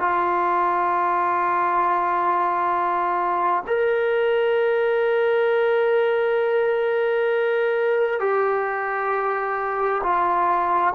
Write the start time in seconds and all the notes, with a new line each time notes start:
0.00 F4
3.67 A#4
8.20 G4
10.03 F4